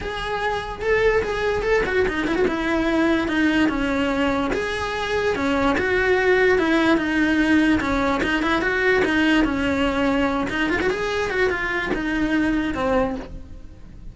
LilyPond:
\new Staff \with { instrumentName = "cello" } { \time 4/4 \tempo 4 = 146 gis'2 a'4 gis'4 | a'8 fis'8 dis'8 e'16 fis'16 e'2 | dis'4 cis'2 gis'4~ | gis'4 cis'4 fis'2 |
e'4 dis'2 cis'4 | dis'8 e'8 fis'4 dis'4 cis'4~ | cis'4. dis'8 f'16 fis'16 gis'4 fis'8 | f'4 dis'2 c'4 | }